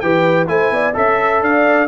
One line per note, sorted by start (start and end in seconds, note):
0.00 0.49 E3
0.00 0.47 G4
0.00 0.50 B4
0.00 0.47 G5
0.47 0.71 A3
0.47 0.94 E4
0.47 0.73 C5
0.47 0.95 G#5
0.71 0.94 B3
0.71 0.96 D5
0.94 1.42 C#4
0.94 1.88 A4
0.94 1.43 E5
1.42 1.88 D4
1.42 1.88 D5
1.42 1.88 F5